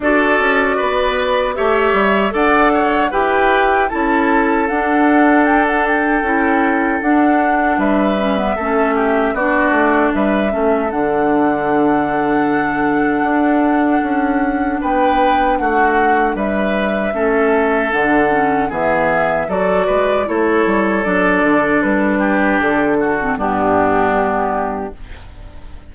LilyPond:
<<
  \new Staff \with { instrumentName = "flute" } { \time 4/4 \tempo 4 = 77 d''2 e''4 fis''4 | g''4 a''4 fis''4 g''16 fis''16 g''8~ | g''4 fis''4 e''2 | d''4 e''4 fis''2~ |
fis''2. g''4 | fis''4 e''2 fis''4 | e''4 d''4 cis''4 d''4 | b'4 a'4 g'2 | }
  \new Staff \with { instrumentName = "oboe" } { \time 4/4 a'4 b'4 cis''4 d''8 cis''8 | b'4 a'2.~ | a'2 b'4 a'8 g'8 | fis'4 b'8 a'2~ a'8~ |
a'2. b'4 | fis'4 b'4 a'2 | gis'4 a'8 b'8 a'2~ | a'8 g'4 fis'8 d'2 | }
  \new Staff \with { instrumentName = "clarinet" } { \time 4/4 fis'2 g'4 a'4 | g'4 e'4 d'2 | e'4 d'4. cis'16 b16 cis'4 | d'4. cis'8 d'2~ |
d'1~ | d'2 cis'4 d'8 cis'8 | b4 fis'4 e'4 d'4~ | d'4.~ d'16 c'16 b2 | }
  \new Staff \with { instrumentName = "bassoon" } { \time 4/4 d'8 cis'8 b4 a8 g8 d'4 | e'4 cis'4 d'2 | cis'4 d'4 g4 a4 | b8 a8 g8 a8 d2~ |
d4 d'4 cis'4 b4 | a4 g4 a4 d4 | e4 fis8 gis8 a8 g8 fis8 d8 | g4 d4 g,2 | }
>>